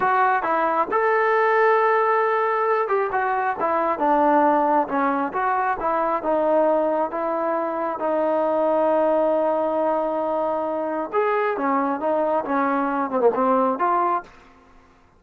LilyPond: \new Staff \with { instrumentName = "trombone" } { \time 4/4 \tempo 4 = 135 fis'4 e'4 a'2~ | a'2~ a'8 g'8 fis'4 | e'4 d'2 cis'4 | fis'4 e'4 dis'2 |
e'2 dis'2~ | dis'1~ | dis'4 gis'4 cis'4 dis'4 | cis'4. c'16 ais16 c'4 f'4 | }